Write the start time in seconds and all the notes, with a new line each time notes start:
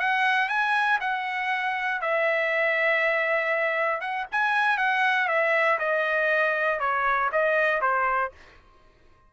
0.00 F#5
0.49 G#5
1.01 F#5
2.01 E5
4.01 F#5
4.32 G#5
4.78 F#5
5.28 E5
5.79 D#5
6.80 C#5
7.32 D#5
7.81 C5